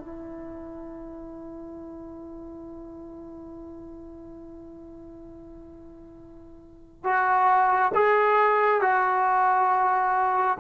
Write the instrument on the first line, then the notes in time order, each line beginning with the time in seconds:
trombone
0.00 E4
7.04 F#4
7.95 G#4
8.82 F#4